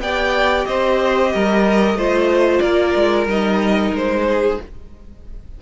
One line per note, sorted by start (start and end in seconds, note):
0.00 0.65 B3
0.00 1.98 G4
0.00 0.68 D5
0.00 0.66 G5
0.66 1.34 C4
0.66 1.33 C5
0.66 2.60 D#5
1.34 1.95 G3
1.34 1.98 A#4
1.95 2.60 A3
1.95 3.29 F4
1.95 2.63 C5
2.60 2.95 A#3
2.60 4.26 A#4
2.60 3.25 D5
2.96 3.26 G#3
3.26 3.92 G3
3.26 4.60 D#4
3.26 3.96 D#5
3.92 4.58 G#3
3.92 4.62 C5
4.29 4.61 G#4